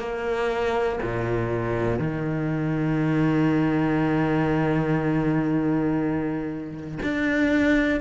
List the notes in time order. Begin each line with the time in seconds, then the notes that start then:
0.00 A#3
1.03 A#2
2.00 D#3
7.03 D4